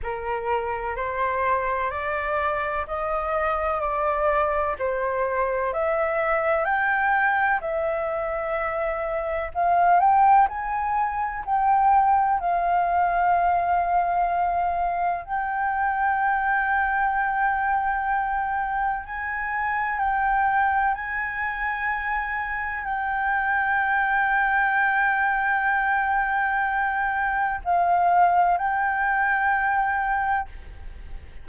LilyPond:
\new Staff \with { instrumentName = "flute" } { \time 4/4 \tempo 4 = 63 ais'4 c''4 d''4 dis''4 | d''4 c''4 e''4 g''4 | e''2 f''8 g''8 gis''4 | g''4 f''2. |
g''1 | gis''4 g''4 gis''2 | g''1~ | g''4 f''4 g''2 | }